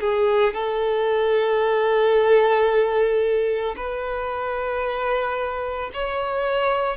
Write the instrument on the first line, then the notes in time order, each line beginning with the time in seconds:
violin
0.00 G#4
0.54 A4
3.76 B4
5.94 C#5